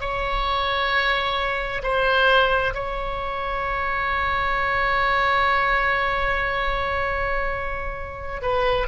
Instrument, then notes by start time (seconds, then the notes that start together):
oboe
0.00 C#5
1.83 C5
2.74 C#5
8.42 B4